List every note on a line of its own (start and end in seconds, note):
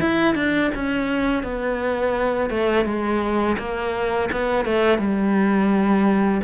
0.00 0.35 E4
0.35 0.70 D4
0.75 1.43 C#4
1.43 2.50 B3
2.50 2.85 A3
2.85 3.56 G#3
3.58 4.30 A#3
4.32 4.65 B3
4.65 4.98 A3
4.98 6.41 G3